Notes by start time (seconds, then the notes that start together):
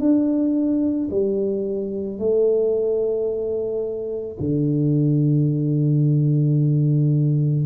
0.00 D4
1.11 G3
2.19 A3
4.40 D3